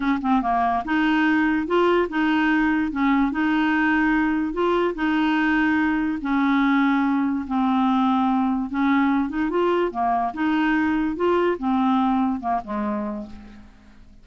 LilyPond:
\new Staff \with { instrumentName = "clarinet" } { \time 4/4 \tempo 4 = 145 cis'8 c'8 ais4 dis'2 | f'4 dis'2 cis'4 | dis'2. f'4 | dis'2. cis'4~ |
cis'2 c'2~ | c'4 cis'4. dis'8 f'4 | ais4 dis'2 f'4 | c'2 ais8 gis4. | }